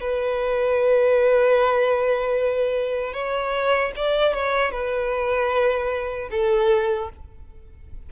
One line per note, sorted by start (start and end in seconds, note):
0.00 3.13 B4
3.13 3.92 C#5
3.96 4.33 D5
4.33 4.71 C#5
4.71 6.29 B4
6.31 7.09 A4